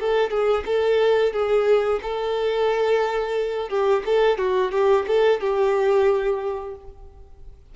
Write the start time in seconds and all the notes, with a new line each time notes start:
0.00 A4
0.30 G#4
0.65 A4
1.32 G#4
2.02 A4
3.69 G4
4.06 A4
4.38 F#4
4.72 G4
5.07 A4
5.40 G4